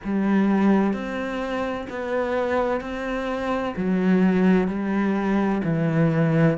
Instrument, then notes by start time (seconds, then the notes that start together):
cello
0.04 G3
0.93 C4
1.89 B3
2.80 C4
3.76 F#3
4.67 G3
5.63 E3